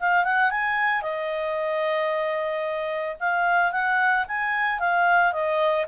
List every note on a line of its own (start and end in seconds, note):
0.00 0.24 F5
0.24 0.51 F#5
0.51 1.02 G#5
1.02 3.16 D#5
3.20 3.72 F5
3.72 4.25 F#5
4.28 4.79 G#5
4.79 5.33 F5
5.33 5.86 D#5